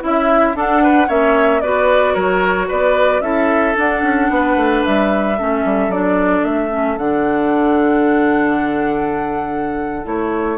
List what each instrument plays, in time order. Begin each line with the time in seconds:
0.00 bassoon C#4, clarinet E4, oboe E4, flute E5
0.54 clarinet D4, bassoon D4, oboe A4, flute F#5
0.83 oboe B4
1.08 bassoon A#3, clarinet C#4, oboe C#5, flute E5
1.61 bassoon B3, clarinet F#4, oboe B4, flute D5
2.14 bassoon F#3, oboe A#4, flute C#5
2.68 bassoon B3, oboe B4, flute D5
3.21 bassoon C#4, clarinet E4, oboe A4, flute E5
3.75 clarinet D4, bassoon D4, flute F#5
4.02 bassoon C#4
4.29 bassoon B3, oboe B4
4.56 bassoon A3
4.85 bassoon G3, flute E5
5.38 bassoon A3, clarinet C#4, oboe A4
5.64 bassoon G3
5.88 bassoon F#3, clarinet D4, flute D5
6.44 bassoon A3, flute E5
6.70 clarinet C#4
6.97 bassoon D3, clarinet D4, flute F#5
10.04 bassoon A3, clarinet E4, flute C#5